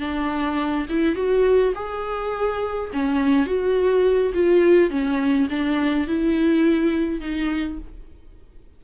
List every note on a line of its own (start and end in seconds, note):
0.00 0.87 D4
0.90 1.16 E4
1.16 1.74 F#4
1.75 2.91 G#4
2.93 3.46 C#4
3.46 4.33 F#4
4.35 4.90 F4
4.90 5.48 C#4
5.50 6.08 D4
6.08 7.21 E4
7.21 7.79 D#4